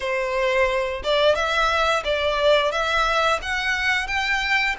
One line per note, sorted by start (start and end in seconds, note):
0.00 1.02 C5
1.03 1.35 D5
1.35 2.03 E5
2.04 2.71 D5
2.71 3.39 E5
3.42 4.07 F#5
4.07 4.75 G5